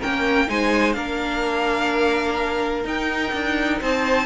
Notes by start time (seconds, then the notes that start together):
0.00 A#3 C#4 A#4 G5
0.47 G#3 D#4 C5 G#5
0.93 A#3 D4 A#4 F5
2.84 D#4 G5
3.33 D4
3.81 C4 C5 A5